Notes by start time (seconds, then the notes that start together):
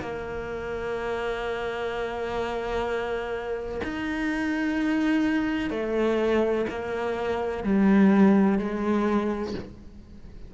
0.00 A#3
3.84 D#4
5.70 A3
6.69 A#3
7.64 G3
8.58 G#3